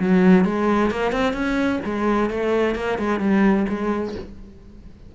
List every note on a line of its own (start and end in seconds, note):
0.00 0.45 F#3
0.45 0.91 G#3
0.91 1.12 A#3
1.12 1.34 C4
1.34 1.80 C#4
1.85 2.30 G#3
2.30 2.76 A3
2.76 2.99 A#3
2.99 3.20 G#3
3.20 3.66 G3
3.69 4.15 G#3